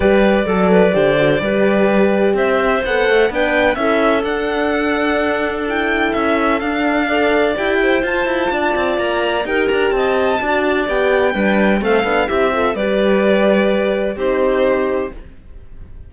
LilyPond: <<
  \new Staff \with { instrumentName = "violin" } { \time 4/4 \tempo 4 = 127 d''1~ | d''4 e''4 fis''4 g''4 | e''4 fis''2. | g''4 e''4 f''2 |
g''4 a''2 ais''4 | g''8 ais''8 a''2 g''4~ | g''4 f''4 e''4 d''4~ | d''2 c''2 | }
  \new Staff \with { instrumentName = "clarinet" } { \time 4/4 b'4 a'8 b'8 c''4 b'4~ | b'4 c''2 b'4 | a'1~ | a'2. d''4~ |
d''8 c''4. d''2 | ais'4 dis''4 d''2 | b'4 a'4 g'8 a'8 b'4~ | b'2 g'2 | }
  \new Staff \with { instrumentName = "horn" } { \time 4/4 g'4 a'4 g'8 fis'8 g'4~ | g'2 a'4 d'4 | e'4 d'2. | e'2 d'4 a'4 |
g'4 f'2. | g'2 fis'4 g'4 | d'4 c'8 d'8 e'8 f'8 g'4~ | g'2 dis'2 | }
  \new Staff \with { instrumentName = "cello" } { \time 4/4 g4 fis4 d4 g4~ | g4 c'4 b8 a8 b4 | cis'4 d'2.~ | d'4 cis'4 d'2 |
e'4 f'8 e'8 d'8 c'8 ais4 | dis'8 d'8 c'4 d'4 b4 | g4 a8 b8 c'4 g4~ | g2 c'2 | }
>>